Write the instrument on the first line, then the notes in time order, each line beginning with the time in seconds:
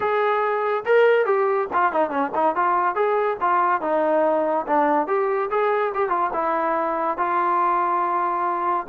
trombone
0.00 G#4
0.85 A#4
1.25 G4
1.73 F4
1.92 D#4
2.10 C#4
2.35 D#4
2.55 F4
2.95 G#4
3.40 F4
3.81 D#4
4.67 D4
5.07 G4
5.50 G#4
5.94 G4
6.09 F4
6.33 E4
7.17 F4